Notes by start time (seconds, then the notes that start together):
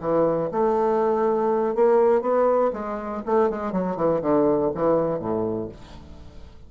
0.00 E3
0.51 A3
1.75 A#3
2.22 B3
2.73 G#3
3.26 A3
3.50 G#3
3.72 F#3
3.96 E3
4.21 D3
4.75 E3
5.19 A2